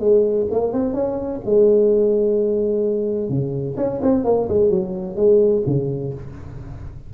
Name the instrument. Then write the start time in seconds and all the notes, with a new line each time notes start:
tuba
0.00 G#3
0.51 A#3
0.73 C4
0.94 C#4
1.45 G#3
3.29 C#3
3.77 C#4
4.02 C4
4.25 A#3
4.49 G#3
4.70 F#3
5.16 G#3
5.67 C#3